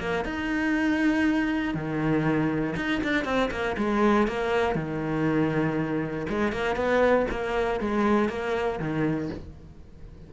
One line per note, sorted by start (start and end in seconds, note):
0.00 0.25 A#3
0.25 1.74 D#4
1.74 2.75 D#3
2.76 3.01 D#4
3.04 3.25 D4
3.25 3.50 C4
3.51 3.77 A#3
3.78 4.28 G#3
4.28 4.76 A#3
4.76 6.27 D#3
6.29 6.52 G#3
6.52 6.76 A#3
6.76 7.27 B3
7.31 7.80 A#3
7.80 8.29 G#3
8.29 8.80 A#3
8.80 9.30 D#3